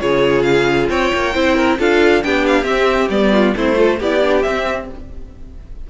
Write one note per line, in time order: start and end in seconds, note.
0.00 0.89 C#3
0.00 1.33 F4
0.00 0.90 G#4
0.00 0.43 C#5
0.43 0.87 F5
0.89 1.11 C4
0.89 1.34 C#5
0.89 1.80 G5
1.14 1.35 A#3
1.34 1.79 C4
1.34 1.78 E4
1.34 1.56 C5
1.56 1.78 A#4
1.79 2.23 D4
1.79 2.23 F4
1.79 2.24 A4
1.79 2.24 F5
2.23 2.64 B3
2.23 2.64 D4
2.23 3.32 G4
2.23 2.46 G5
2.47 2.64 F5
2.64 3.08 C4
2.64 3.08 E5
3.09 3.54 G3
3.09 3.55 B3
3.09 3.55 D5
3.32 3.55 F4
3.56 4.00 A3
3.56 3.75 C4
3.56 3.78 E4
3.56 4.01 C5
3.75 3.97 F4
3.75 3.98 A4
3.98 4.45 B3
3.98 4.22 E4
3.98 4.87 G4
3.98 4.42 D5
4.22 4.44 D4
4.42 4.90 C4
4.42 4.87 E5